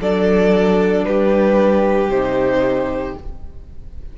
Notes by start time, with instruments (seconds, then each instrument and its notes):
0.00 cello F#3, viola D4, violin A4 D5
1.04 cello G3, violin G4 B4
2.08 cello C3, viola D#4, violin C5